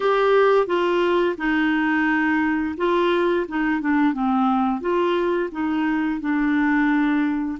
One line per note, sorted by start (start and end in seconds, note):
0.00 0.66 G4
0.66 1.35 F4
1.37 2.75 D#4
2.77 3.46 F4
3.47 3.80 D#4
3.80 4.13 D4
4.13 4.80 C4
4.80 5.49 F4
5.51 6.20 D#4
6.20 7.58 D4